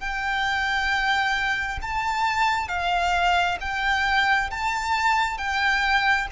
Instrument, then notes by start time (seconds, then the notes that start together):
violin
0.00 G5
1.82 A5
2.68 F5
3.61 G5
4.51 A5
5.38 G5